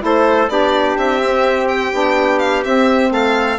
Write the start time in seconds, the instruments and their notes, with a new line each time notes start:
0.00 bassoon A3, saxophone E4, trumpet A4, violin C5
0.49 bassoon B3, saxophone D4, trumpet G4, violin D5
0.98 bassoon C4, violin E5
1.23 saxophone C4
1.68 violin G5
1.93 bassoon B3, saxophone D4
2.39 violin F5
2.65 bassoon C4, saxophone C4, violin E5
3.11 bassoon A3, trumpet A4, violin F5